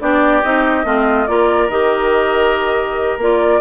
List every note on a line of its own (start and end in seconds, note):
0.00 0.43 B3
0.00 0.43 D4
0.00 0.86 G4
0.00 0.43 D5
0.43 0.85 C4
0.43 0.84 D#4
0.43 1.27 D#5
0.84 1.27 A3
0.84 1.27 C4
0.84 1.28 F4
1.27 1.68 A#3
1.27 1.70 F4
1.27 3.61 A#4
1.27 1.70 D5
1.68 3.17 D#3
1.68 3.20 G4
1.68 3.19 D#5
3.17 3.60 A#3
3.17 3.61 F4
3.17 3.61 D5